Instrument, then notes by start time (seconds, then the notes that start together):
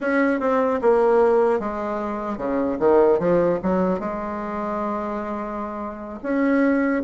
bassoon
0.00 C#4
0.40 C4
0.81 A#3
1.59 G#3
2.37 C#3
2.79 D#3
3.19 F3
3.62 F#3
3.99 G#3
6.23 C#4